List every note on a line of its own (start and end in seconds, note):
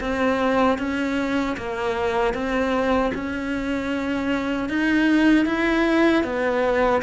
0.00 0.78 C4
0.78 1.56 C#4
1.57 2.33 A#3
2.33 3.11 C4
3.14 4.69 C#4
4.69 5.45 D#4
5.45 6.23 E4
6.23 7.01 B3